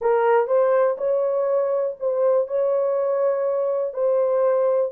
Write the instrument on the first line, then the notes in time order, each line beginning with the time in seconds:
horn
0.01 A#4
0.47 C5
0.97 C#5
1.99 C5
2.47 C#5
3.93 C5